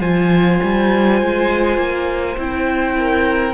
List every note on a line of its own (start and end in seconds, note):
0.00 0.60 F3
0.00 2.37 F4
0.00 2.94 C5
0.00 2.37 G#5
0.63 1.22 G3
1.22 1.78 G#3
1.78 2.37 A#3
2.38 3.54 C4
2.38 3.54 E4
2.38 3.54 G5
2.98 3.54 A#4